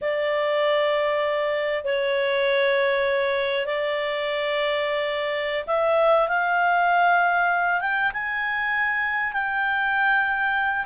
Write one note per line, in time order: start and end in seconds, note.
0.01 1.84 D5
1.84 3.66 C#5
3.66 5.65 D5
5.67 6.28 E5
6.28 7.81 F5
7.81 8.11 G5
8.13 9.32 G#5
9.32 10.85 G5